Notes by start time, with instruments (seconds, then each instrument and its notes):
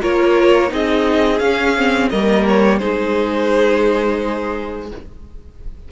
0.00 cello A#3, viola F4, violin A#4 C#5
0.68 cello C4, viola D#4, violin G#4 D#5
1.39 cello C#4, viola C#4, violin F5
1.76 viola C4
2.09 cello G3, viola A#3, violin A#4 D#5
2.48 violin C#5
2.78 cello G#3, viola D#4, violin G#4 C5